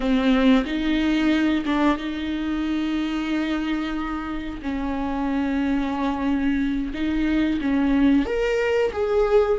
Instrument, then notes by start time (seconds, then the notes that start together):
viola
0.00 C4
0.65 D#4
1.65 D4
1.97 D#4
4.62 C#4
6.93 D#4
7.61 C#4
8.25 A#4
8.92 G#4